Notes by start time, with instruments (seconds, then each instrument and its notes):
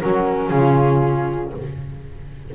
0.00 double bass F#3, viola C#4, saxophone F#4, flute A#4
0.48 double bass C#3, saxophone F4, flute G#4